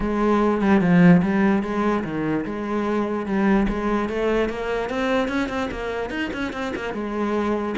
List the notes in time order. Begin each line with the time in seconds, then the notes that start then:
0.00 G#3
0.61 G3
0.81 F3
1.22 G3
1.63 G#3
2.03 D#3
2.45 G#3
3.25 G3
3.68 G#3
4.09 A3
4.49 A#3
4.89 C4
5.28 C#4
5.49 C4
5.71 A#3
6.10 D#4
6.33 C#4
6.52 C4
6.75 A#3
6.93 G#3